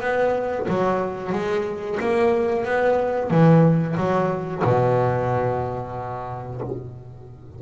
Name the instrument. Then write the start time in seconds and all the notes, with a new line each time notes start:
double bass
0.00 B3
0.68 F#3
1.32 G#3
2.00 A#3
2.64 B3
3.30 E3
3.97 F#3
4.63 B2